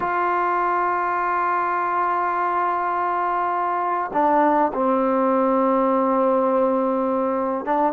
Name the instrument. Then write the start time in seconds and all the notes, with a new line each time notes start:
trombone
0.00 F4
4.13 D4
4.73 C4
7.65 D4